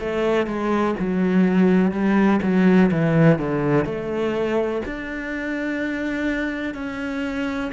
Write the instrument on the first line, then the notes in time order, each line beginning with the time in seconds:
cello
0.00 A3
0.46 G#3
0.99 F#3
1.91 G3
2.42 F#3
2.91 E3
3.39 D3
3.85 A3
4.86 D4
6.74 C#4